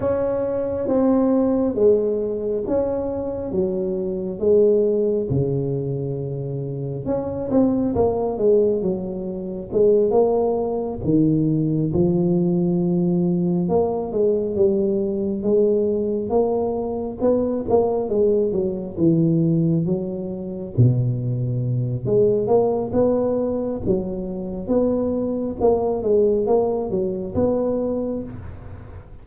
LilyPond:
\new Staff \with { instrumentName = "tuba" } { \time 4/4 \tempo 4 = 68 cis'4 c'4 gis4 cis'4 | fis4 gis4 cis2 | cis'8 c'8 ais8 gis8 fis4 gis8 ais8~ | ais8 dis4 f2 ais8 |
gis8 g4 gis4 ais4 b8 | ais8 gis8 fis8 e4 fis4 b,8~ | b,4 gis8 ais8 b4 fis4 | b4 ais8 gis8 ais8 fis8 b4 | }